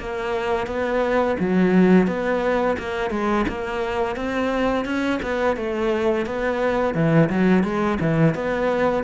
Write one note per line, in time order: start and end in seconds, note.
0.00 0.67 A#3
0.67 1.37 B3
1.40 2.08 F#3
2.08 2.77 B3
2.79 3.11 A#3
3.11 3.46 G#3
3.49 4.16 A#3
4.16 4.86 C4
4.86 5.20 C#4
5.23 5.57 B3
5.57 6.26 A3
6.26 6.95 B3
6.95 7.30 E3
7.30 7.64 F#3
7.64 7.99 G#3
8.01 8.35 E3
8.35 9.04 B3